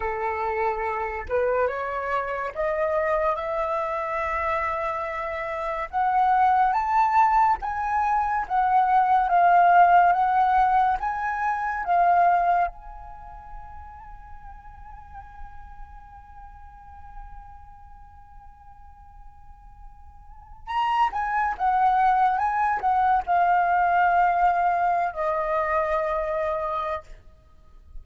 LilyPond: \new Staff \with { instrumentName = "flute" } { \time 4/4 \tempo 4 = 71 a'4. b'8 cis''4 dis''4 | e''2. fis''4 | a''4 gis''4 fis''4 f''4 | fis''4 gis''4 f''4 gis''4~ |
gis''1~ | gis''1~ | gis''8 ais''8 gis''8 fis''4 gis''8 fis''8 f''8~ | f''4.~ f''16 dis''2~ dis''16 | }